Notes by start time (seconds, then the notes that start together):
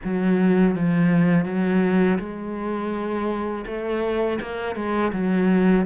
0.04 F#3
0.75 F3
1.45 F#3
2.19 G#3
3.66 A3
4.41 A#3
4.75 G#3
5.13 F#3